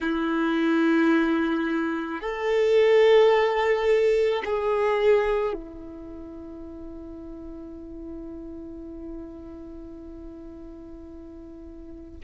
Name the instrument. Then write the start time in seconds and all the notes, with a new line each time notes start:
violin
0.01 E4
2.20 A4
4.44 G#4
5.53 E4